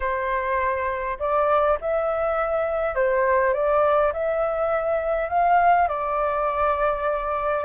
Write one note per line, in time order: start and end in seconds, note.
0.00 1.18 C5
1.19 1.78 D5
1.80 2.95 E5
2.95 3.53 C5
3.53 4.12 D5
4.12 5.29 E5
5.29 5.87 F5
5.87 7.64 D5